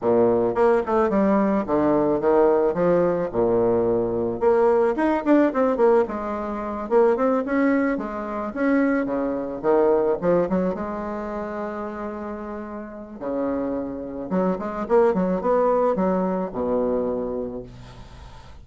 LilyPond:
\new Staff \with { instrumentName = "bassoon" } { \time 4/4 \tempo 4 = 109 ais,4 ais8 a8 g4 d4 | dis4 f4 ais,2 | ais4 dis'8 d'8 c'8 ais8 gis4~ | gis8 ais8 c'8 cis'4 gis4 cis'8~ |
cis'8 cis4 dis4 f8 fis8 gis8~ | gis1 | cis2 fis8 gis8 ais8 fis8 | b4 fis4 b,2 | }